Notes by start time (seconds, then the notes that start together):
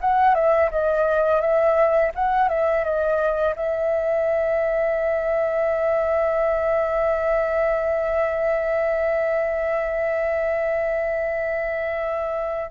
0.00 F#5
0.34 E5
0.71 D#5
1.41 E5
2.14 F#5
2.48 E5
2.84 D#5
3.56 E5